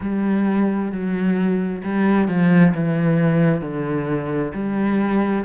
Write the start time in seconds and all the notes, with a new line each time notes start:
0.00 G3
0.91 F#3
1.83 G3
2.28 F3
2.74 E3
3.61 D3
4.53 G3